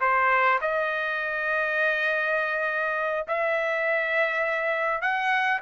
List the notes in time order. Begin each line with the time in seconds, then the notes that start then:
0.00 C5
0.61 D#5
3.27 E5
5.01 F#5